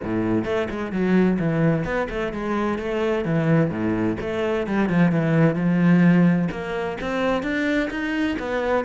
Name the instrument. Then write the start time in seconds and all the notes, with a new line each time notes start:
cello
0.03 A2
0.44 A3
0.70 G#3
0.92 F#3
1.39 E3
1.85 B3
2.09 A3
2.33 G#3
2.78 A3
3.25 E3
3.70 A2
4.20 A3
4.66 G3
4.89 F3
5.11 E3
5.55 F3
6.51 A#3
7.00 C4
7.42 D4
7.90 D#4
8.39 B3